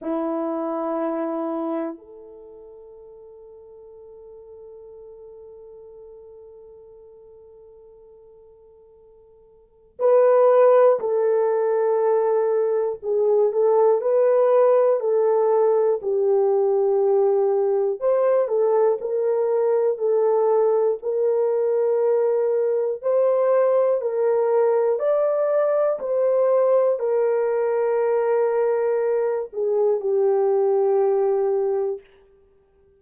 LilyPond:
\new Staff \with { instrumentName = "horn" } { \time 4/4 \tempo 4 = 60 e'2 a'2~ | a'1~ | a'2 b'4 a'4~ | a'4 gis'8 a'8 b'4 a'4 |
g'2 c''8 a'8 ais'4 | a'4 ais'2 c''4 | ais'4 d''4 c''4 ais'4~ | ais'4. gis'8 g'2 | }